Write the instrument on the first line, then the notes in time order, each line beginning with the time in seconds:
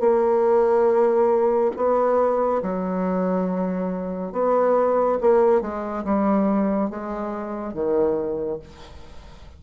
bassoon
0.00 A#3
1.76 B3
2.63 F#3
4.33 B3
5.21 A#3
5.61 G#3
6.05 G3
6.90 G#3
7.74 D#3